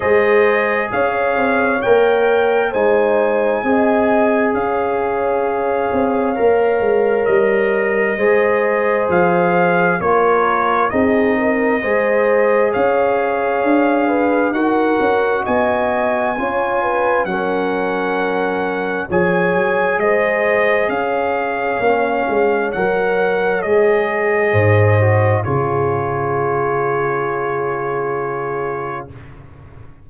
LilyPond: <<
  \new Staff \with { instrumentName = "trumpet" } { \time 4/4 \tempo 4 = 66 dis''4 f''4 g''4 gis''4~ | gis''4 f''2. | dis''2 f''4 cis''4 | dis''2 f''2 |
fis''4 gis''2 fis''4~ | fis''4 gis''4 dis''4 f''4~ | f''4 fis''4 dis''2 | cis''1 | }
  \new Staff \with { instrumentName = "horn" } { \time 4/4 c''4 cis''2 c''4 | dis''4 cis''2.~ | cis''4 c''2 ais'4 | gis'8 ais'8 c''4 cis''4. b'8 |
ais'4 dis''4 cis''8 b'8 ais'4~ | ais'4 cis''4 c''4 cis''4~ | cis''2. c''4 | gis'1 | }
  \new Staff \with { instrumentName = "trombone" } { \time 4/4 gis'2 ais'4 dis'4 | gis'2. ais'4~ | ais'4 gis'2 f'4 | dis'4 gis'2. |
fis'2 f'4 cis'4~ | cis'4 gis'2. | cis'4 ais'4 gis'4. fis'8 | f'1 | }
  \new Staff \with { instrumentName = "tuba" } { \time 4/4 gis4 cis'8 c'8 ais4 gis4 | c'4 cis'4. c'8 ais8 gis8 | g4 gis4 f4 ais4 | c'4 gis4 cis'4 d'4 |
dis'8 cis'8 b4 cis'4 fis4~ | fis4 f8 fis8 gis4 cis'4 | ais8 gis8 fis4 gis4 gis,4 | cis1 | }
>>